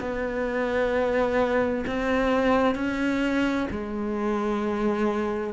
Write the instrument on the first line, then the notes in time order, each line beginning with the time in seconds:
cello
0.00 B3
1.87 C4
2.75 C#4
3.71 G#3